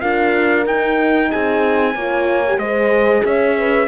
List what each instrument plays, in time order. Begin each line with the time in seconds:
0.00 cello D4, horn F4 A#4, trumpet F5
0.66 cello D#4, horn D#4, trumpet G5
1.30 cello C4, horn G#4, trumpet G#5
1.94 cello A#3, horn F4 C#5
2.47 horn G4
2.57 cello G#3, horn G#4 C5, trumpet D#5
3.24 cello C#4, horn C#5, trumpet E5
3.58 horn B4